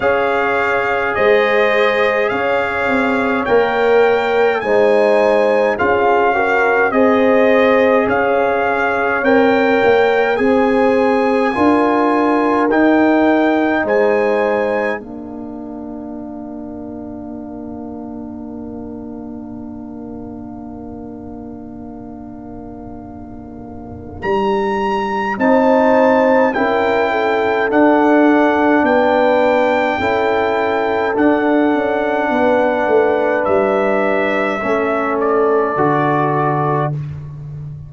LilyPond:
<<
  \new Staff \with { instrumentName = "trumpet" } { \time 4/4 \tempo 4 = 52 f''4 dis''4 f''4 g''4 | gis''4 f''4 dis''4 f''4 | g''4 gis''2 g''4 | gis''4 f''2.~ |
f''1~ | f''4 ais''4 a''4 g''4 | fis''4 g''2 fis''4~ | fis''4 e''4. d''4. | }
  \new Staff \with { instrumentName = "horn" } { \time 4/4 cis''4 c''4 cis''2 | c''4 gis'8 ais'8 c''4 cis''4~ | cis''4 c''4 ais'2 | c''4 ais'2.~ |
ais'1~ | ais'2 c''4 ais'8 a'8~ | a'4 b'4 a'2 | b'2 a'2 | }
  \new Staff \with { instrumentName = "trombone" } { \time 4/4 gis'2. ais'4 | dis'4 f'8 fis'8 gis'2 | ais'4 gis'4 f'4 dis'4~ | dis'4 d'2.~ |
d'1~ | d'2 dis'4 e'4 | d'2 e'4 d'4~ | d'2 cis'4 fis'4 | }
  \new Staff \with { instrumentName = "tuba" } { \time 4/4 cis'4 gis4 cis'8 c'8 ais4 | gis4 cis'4 c'4 cis'4 | c'8 ais8 c'4 d'4 dis'4 | gis4 ais2.~ |
ais1~ | ais4 g4 c'4 cis'4 | d'4 b4 cis'4 d'8 cis'8 | b8 a8 g4 a4 d4 | }
>>